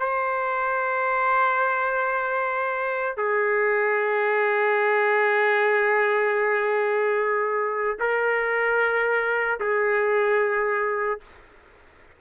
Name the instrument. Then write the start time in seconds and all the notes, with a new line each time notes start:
trumpet
0.00 C5
3.17 G#4
8.00 A#4
9.60 G#4